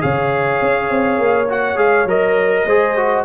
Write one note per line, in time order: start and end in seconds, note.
0.00 0.62 C#3
0.00 1.47 G#4
0.00 2.66 C#5
0.00 1.49 F5
0.62 0.90 C#4
0.90 1.19 C4
1.19 1.77 A#3
1.49 1.76 F#4
1.49 1.78 F#5
1.76 2.06 G#3
1.76 2.06 G#4
1.76 2.08 F5
2.06 2.64 F#3
2.06 2.67 A#4
2.06 3.25 D#5
2.65 3.24 G#3
2.65 2.97 G#4
2.65 3.25 C5
2.97 3.25 F#4